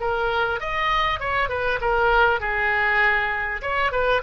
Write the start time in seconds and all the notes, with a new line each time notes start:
0.00 A#4
0.60 D#5
1.19 C#5
1.49 B4
1.81 A#4
2.40 G#4
3.62 C#5
3.91 B4